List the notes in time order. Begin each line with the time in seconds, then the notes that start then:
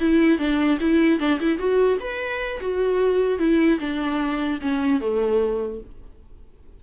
0.00 E4
0.39 D4
0.81 E4
1.20 D4
1.40 E4
1.59 F#4
2.00 B4
2.61 F#4
3.39 E4
3.80 D4
4.61 C#4
5.01 A3